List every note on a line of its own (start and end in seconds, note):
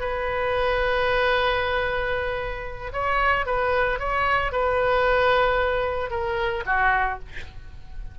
0.00 2.92 B4
2.93 3.46 C#5
3.46 3.99 B4
3.99 4.52 C#5
4.52 6.11 B4
6.11 6.64 A#4
6.66 7.19 F#4